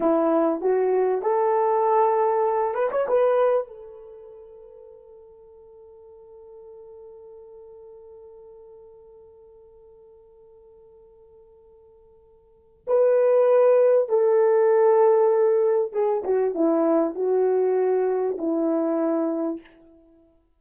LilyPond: \new Staff \with { instrumentName = "horn" } { \time 4/4 \tempo 4 = 98 e'4 fis'4 a'2~ | a'8 b'16 cis''16 b'4 a'2~ | a'1~ | a'1~ |
a'1~ | a'4 b'2 a'4~ | a'2 gis'8 fis'8 e'4 | fis'2 e'2 | }